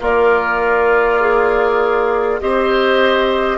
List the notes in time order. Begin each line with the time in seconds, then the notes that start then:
0.00 A#3 F4 A#4 D5
1.20 G#4
2.40 C4 G4 C5 D#5